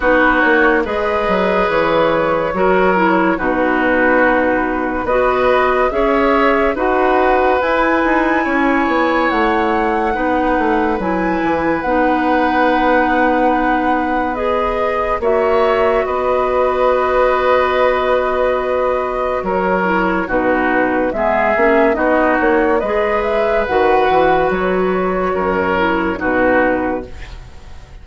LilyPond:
<<
  \new Staff \with { instrumentName = "flute" } { \time 4/4 \tempo 4 = 71 b'8 cis''8 dis''4 cis''2 | b'2 dis''4 e''4 | fis''4 gis''2 fis''4~ | fis''4 gis''4 fis''2~ |
fis''4 dis''4 e''4 dis''4~ | dis''2. cis''4 | b'4 e''4 dis''8 cis''8 dis''8 e''8 | fis''4 cis''2 b'4 | }
  \new Staff \with { instrumentName = "oboe" } { \time 4/4 fis'4 b'2 ais'4 | fis'2 b'4 cis''4 | b'2 cis''2 | b'1~ |
b'2 cis''4 b'4~ | b'2. ais'4 | fis'4 gis'4 fis'4 b'4~ | b'2 ais'4 fis'4 | }
  \new Staff \with { instrumentName = "clarinet" } { \time 4/4 dis'4 gis'2 fis'8 e'8 | dis'2 fis'4 gis'4 | fis'4 e'2. | dis'4 e'4 dis'2~ |
dis'4 gis'4 fis'2~ | fis'2.~ fis'8 e'8 | dis'4 b8 cis'8 dis'4 gis'4 | fis'2~ fis'8 e'8 dis'4 | }
  \new Staff \with { instrumentName = "bassoon" } { \time 4/4 b8 ais8 gis8 fis8 e4 fis4 | b,2 b4 cis'4 | dis'4 e'8 dis'8 cis'8 b8 a4 | b8 a8 fis8 e8 b2~ |
b2 ais4 b4~ | b2. fis4 | b,4 gis8 ais8 b8 ais8 gis4 | dis8 e8 fis4 fis,4 b,4 | }
>>